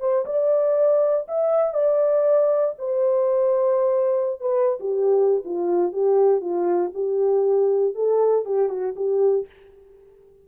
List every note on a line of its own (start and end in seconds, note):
0.00 0.25 C5
0.26 1.27 D5
1.28 1.74 E5
1.74 2.75 D5
2.78 4.40 C5
4.40 4.78 B4
4.80 5.43 G4
5.45 5.93 F4
5.93 6.41 G4
6.41 6.91 F4
6.94 7.95 G4
7.95 8.45 A4
8.45 8.69 G4
8.69 8.94 F#4
8.96 9.46 G4